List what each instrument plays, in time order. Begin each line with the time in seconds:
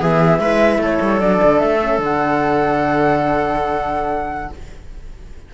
0.00 cello E3, horn B3, viola G#4, flute E5
0.40 cello G#3, horn E4, viola B4
0.78 cello A3, viola A4, flute C#5
1.02 cello G3
1.20 cello F#3, horn D4, flute D5
1.43 cello D3
1.59 cello A3, flute E5
1.81 horn C#4
1.99 cello D3, horn D4, flute F#5